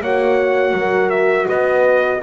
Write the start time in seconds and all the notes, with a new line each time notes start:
0.00 A#3 F#4 C#5 F#5
0.73 F#3 A#4
1.09 E5
1.48 B3 B4 D#5